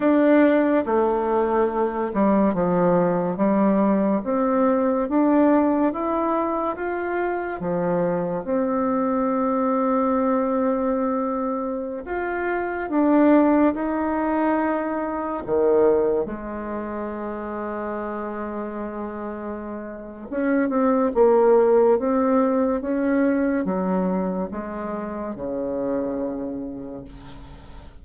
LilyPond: \new Staff \with { instrumentName = "bassoon" } { \time 4/4 \tempo 4 = 71 d'4 a4. g8 f4 | g4 c'4 d'4 e'4 | f'4 f4 c'2~ | c'2~ c'16 f'4 d'8.~ |
d'16 dis'2 dis4 gis8.~ | gis1 | cis'8 c'8 ais4 c'4 cis'4 | fis4 gis4 cis2 | }